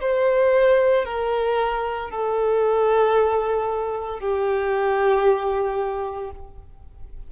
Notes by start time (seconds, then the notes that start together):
0.00 C5
1.05 A#4
2.10 A4
4.20 G4